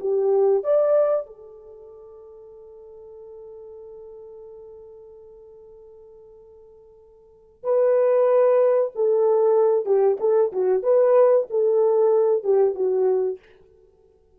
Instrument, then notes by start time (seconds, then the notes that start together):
horn
0.00 G4
0.64 D5
1.26 A4
7.64 B4
8.95 A4
9.86 G4
10.20 A4
10.52 F#4
10.83 B4
11.50 A4
12.44 G4
12.75 F#4